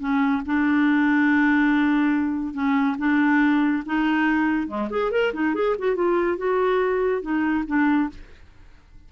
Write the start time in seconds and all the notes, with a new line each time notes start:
0.00 C#4
0.46 D4
2.54 C#4
2.99 D4
3.86 D#4
4.68 G#3
4.90 G#4
5.12 A#4
5.34 D#4
5.55 G#4
5.79 F#4
5.96 F4
6.38 F#4
7.22 D#4
7.67 D4